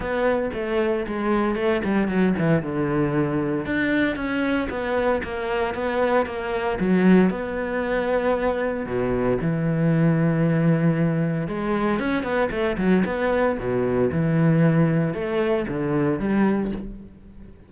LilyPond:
\new Staff \with { instrumentName = "cello" } { \time 4/4 \tempo 4 = 115 b4 a4 gis4 a8 g8 | fis8 e8 d2 d'4 | cis'4 b4 ais4 b4 | ais4 fis4 b2~ |
b4 b,4 e2~ | e2 gis4 cis'8 b8 | a8 fis8 b4 b,4 e4~ | e4 a4 d4 g4 | }